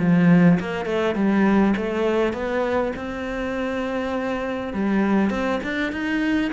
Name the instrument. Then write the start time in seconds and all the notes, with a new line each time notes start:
cello
0.00 F3
0.60 A#3
0.86 A3
1.15 G3
1.77 A3
2.34 B3
2.96 C4
4.74 G3
5.31 C4
5.64 D4
5.92 D#4